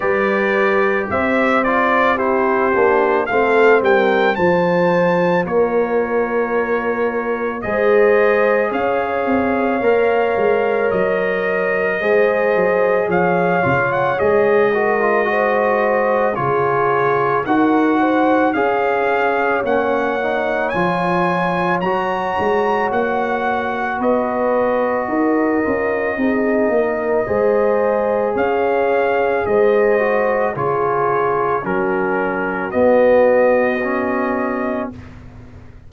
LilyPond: <<
  \new Staff \with { instrumentName = "trumpet" } { \time 4/4 \tempo 4 = 55 d''4 e''8 d''8 c''4 f''8 g''8 | a''4 cis''2 dis''4 | f''2 dis''2 | f''8. fis''16 dis''2 cis''4 |
fis''4 f''4 fis''4 gis''4 | ais''4 fis''4 dis''2~ | dis''2 f''4 dis''4 | cis''4 ais'4 dis''2 | }
  \new Staff \with { instrumentName = "horn" } { \time 4/4 b'4 c''4 g'4 a'8 ais'8 | c''4 ais'2 c''4 | cis''2. c''4 | cis''4. ais'8 c''4 gis'4 |
ais'8 c''8 cis''2.~ | cis''2 b'4 ais'4 | gis'8 ais'8 c''4 cis''4 c''4 | gis'4 fis'2. | }
  \new Staff \with { instrumentName = "trombone" } { \time 4/4 g'4. f'8 e'8 d'8 c'4 | f'2. gis'4~ | gis'4 ais'2 gis'4~ | gis'8 f'8 gis'8 fis'16 f'16 fis'4 f'4 |
fis'4 gis'4 cis'8 dis'8 f'4 | fis'2.~ fis'8 f'8 | dis'4 gis'2~ gis'8 fis'8 | f'4 cis'4 b4 cis'4 | }
  \new Staff \with { instrumentName = "tuba" } { \time 4/4 g4 c'4. ais8 a8 g8 | f4 ais2 gis4 | cis'8 c'8 ais8 gis8 fis4 gis8 fis8 | f8 cis8 gis2 cis4 |
dis'4 cis'4 ais4 f4 | fis8 gis8 ais4 b4 dis'8 cis'8 | c'8 ais8 gis4 cis'4 gis4 | cis4 fis4 b2 | }
>>